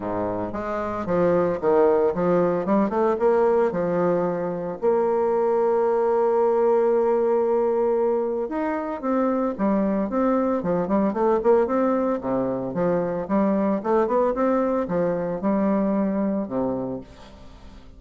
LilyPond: \new Staff \with { instrumentName = "bassoon" } { \time 4/4 \tempo 4 = 113 gis,4 gis4 f4 dis4 | f4 g8 a8 ais4 f4~ | f4 ais2.~ | ais1 |
dis'4 c'4 g4 c'4 | f8 g8 a8 ais8 c'4 c4 | f4 g4 a8 b8 c'4 | f4 g2 c4 | }